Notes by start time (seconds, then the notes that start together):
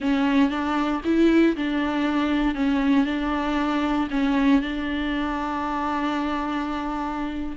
0.00 C#4
0.49 D4
1.04 E4
1.56 D4
2.55 C#4
3.05 D4
4.10 C#4
4.61 D4